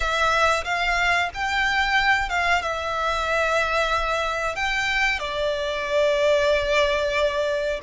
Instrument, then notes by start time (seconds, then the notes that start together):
violin
0.00 E5
0.64 F5
1.34 G5
2.29 F5
2.62 E5
4.55 G5
5.18 D5